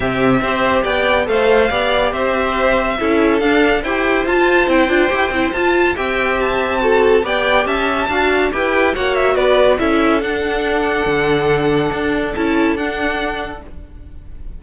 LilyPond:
<<
  \new Staff \with { instrumentName = "violin" } { \time 4/4 \tempo 4 = 141 e''2 g''4 f''4~ | f''4 e''2. | f''4 g''4 a''4 g''4~ | g''4 a''4 g''4 a''4~ |
a''4 g''4 a''2 | g''4 fis''8 e''8 d''4 e''4 | fis''1~ | fis''4 a''4 fis''2 | }
  \new Staff \with { instrumentName = "violin" } { \time 4/4 g'4 c''4 d''4 c''4 | d''4 c''2 a'4~ | a'4 c''2.~ | c''2 e''2 |
a'4 d''4 e''4 f''4 | b'4 cis''4 b'4 a'4~ | a'1~ | a'1 | }
  \new Staff \with { instrumentName = "viola" } { \time 4/4 c'4 g'2 a'4 | g'2. e'4 | d'4 g'4 f'4 e'8 f'8 | g'8 e'8 f'4 g'2 |
fis'4 g'2 fis'4 | g'4 fis'2 e'4 | d'1~ | d'4 e'4 d'2 | }
  \new Staff \with { instrumentName = "cello" } { \time 4/4 c4 c'4 b4 a4 | b4 c'2 cis'4 | d'4 e'4 f'4 c'8 d'8 | e'8 c'8 f'4 c'2~ |
c'4 b4 cis'4 d'4 | e'4 ais4 b4 cis'4 | d'2 d2 | d'4 cis'4 d'2 | }
>>